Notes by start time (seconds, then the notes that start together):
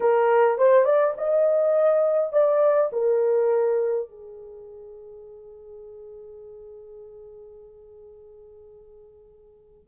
0.00 A#4
0.58 C5
0.84 D5
1.17 D#5
2.32 D5
2.92 A#4
4.08 G#4